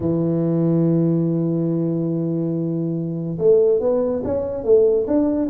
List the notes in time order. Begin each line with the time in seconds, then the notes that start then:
0.00 E3
3.38 A3
3.80 B3
4.24 C#4
4.64 A3
5.07 D4